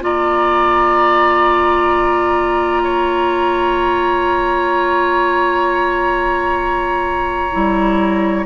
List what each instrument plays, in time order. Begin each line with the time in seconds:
0.00 bassoon A#3, clarinet F4, oboe D5, flute A#5
2.82 oboe C#5
7.52 bassoon G3, clarinet E4